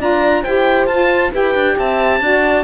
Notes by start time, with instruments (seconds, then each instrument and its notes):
0.00 cello D4, saxophone F4, horn D5, oboe A#5
0.43 cello E4, saxophone G4, horn C5, oboe G5
0.87 cello F4, saxophone F4, oboe A5
1.32 cello E4, saxophone G4, horn B4, oboe G5
1.55 cello D4
1.79 cello C4, horn E5, oboe A5
2.21 cello D4, saxophone F#4, horn D5